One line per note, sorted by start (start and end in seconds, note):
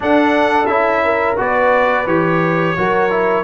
0.00 0.66 D4
0.00 0.67 D4
0.00 1.04 A4
0.00 0.66 F#5
0.66 1.36 C#4
0.66 1.36 E4
0.66 1.35 E5
1.04 1.38 A#4
1.36 2.06 B3
1.36 2.05 F#4
1.36 2.76 B4
1.36 2.07 D5
2.06 2.75 E3
2.06 2.75 G4
2.06 3.43 C#5
2.76 3.43 F#3
2.76 3.10 F#4
2.76 3.43 A#4
3.10 3.43 E4